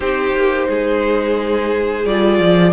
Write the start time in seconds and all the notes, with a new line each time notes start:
0.00 C4 D#4 G4 C5
0.34 A#3
0.68 G#3 G#4
2.05 G3 F4 D5
2.38 F3